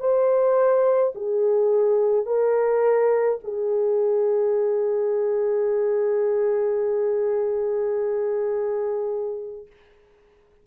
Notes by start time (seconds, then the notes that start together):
0.00 C5
1.15 G#4
2.26 A#4
3.44 G#4